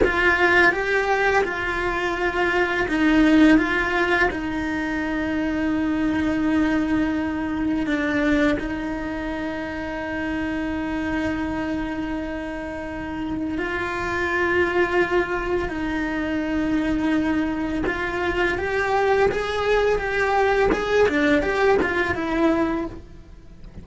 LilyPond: \new Staff \with { instrumentName = "cello" } { \time 4/4 \tempo 4 = 84 f'4 g'4 f'2 | dis'4 f'4 dis'2~ | dis'2. d'4 | dis'1~ |
dis'2. f'4~ | f'2 dis'2~ | dis'4 f'4 g'4 gis'4 | g'4 gis'8 d'8 g'8 f'8 e'4 | }